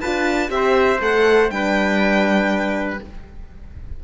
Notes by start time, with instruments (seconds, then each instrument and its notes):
0.00 cello D4, horn F4, trumpet B4, violin A5
0.48 cello C4, horn G4, violin E5
0.55 trumpet C5
1.00 cello A3, horn A4, violin F#5
1.49 cello G3, horn D4, trumpet B4, violin G5